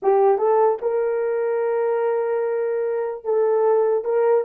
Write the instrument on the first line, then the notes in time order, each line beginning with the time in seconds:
horn
0.02 G4
0.38 A4
0.81 A#4
3.24 A4
4.04 A#4